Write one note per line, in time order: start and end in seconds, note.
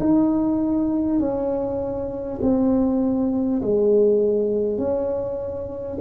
0.00 1.20 D#4
1.20 2.40 C#4
2.42 3.62 C4
3.62 4.78 G#3
4.78 5.98 C#4